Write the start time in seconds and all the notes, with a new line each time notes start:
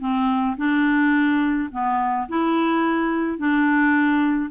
0.00 C4
0.57 D4
1.72 B3
2.29 E4
3.38 D4